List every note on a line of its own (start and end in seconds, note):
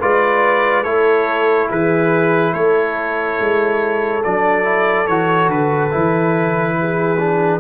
0.00 0.84 G#3
0.00 0.85 F4
0.00 0.84 B4
0.00 0.83 D5
0.83 1.68 A3
0.83 4.23 E4
0.83 1.68 A4
0.83 1.68 C#5
1.70 2.53 E3
1.70 2.53 G#4
1.70 2.54 B4
2.53 3.38 A3
2.53 6.76 A4
2.53 4.23 C#5
3.39 4.24 G#3
4.24 5.07 F#3
4.24 4.64 D4
4.24 5.07 D5
4.64 5.06 E4
5.07 5.48 E3
5.07 5.91 F#4
5.07 5.49 C#5
5.48 5.90 D3
5.48 7.60 B4
5.91 7.60 E3
5.91 7.17 E4
6.81 7.60 G#4
7.19 7.60 D4